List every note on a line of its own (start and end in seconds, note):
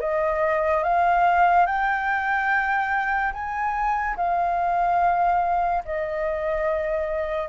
0.00 0.83 D#5
0.83 1.66 F5
1.66 3.33 G5
3.33 4.16 G#5
4.17 5.83 F5
5.85 7.49 D#5